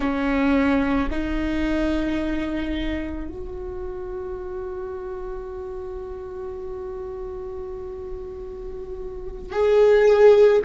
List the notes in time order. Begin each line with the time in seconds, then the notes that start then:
0.00 C#4
1.10 D#4
3.28 F#4
9.52 G#4